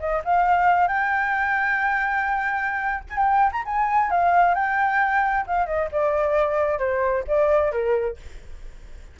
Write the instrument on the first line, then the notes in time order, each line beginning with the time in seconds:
flute
0.00 D#5
0.25 F5
0.88 G5
3.10 G#5
3.17 G5
3.52 A#5
3.65 G#5
4.11 F5
4.55 G5
5.47 F5
5.66 D#5
5.92 D5
6.79 C5
7.28 D5
7.72 A#4